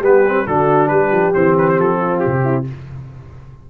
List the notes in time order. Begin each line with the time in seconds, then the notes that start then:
0.00 G3 B3 G4 B4
0.27 C4
0.46 D3 D4 F#4 A4
0.88 G3 G4 B4
1.11 F3
1.33 E3 C4 C5
1.57 B4
1.68 C5
1.78 F3 A4
1.96 F4
2.19 G4
2.26 C3
2.44 E4